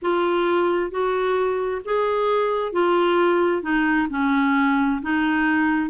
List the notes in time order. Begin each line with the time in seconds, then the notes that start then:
0.01 F4
0.90 F#4
1.85 G#4
2.72 F4
3.62 D#4
4.10 C#4
5.02 D#4